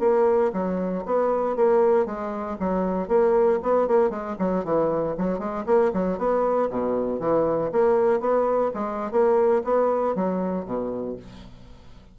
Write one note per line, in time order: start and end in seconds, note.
0.00 0.51 A#3
0.53 1.04 F#3
1.06 1.56 B3
1.56 2.06 A#3
2.06 2.57 G#3
2.60 3.08 F#3
3.08 3.60 A#3
3.63 3.88 B3
3.88 4.10 A#3
4.10 4.36 G#3
4.39 4.65 F#3
4.65 5.16 E3
5.18 5.39 F#3
5.39 5.65 G#3
5.66 5.92 A#3
5.93 6.18 F#3
6.18 6.69 B3
6.70 7.20 B2
7.20 7.71 E3
7.72 8.20 A#3
8.20 8.72 B3
8.74 9.11 G#3
9.11 9.63 A#3
9.64 10.15 B3
10.15 10.65 F#3
10.65 11.17 B2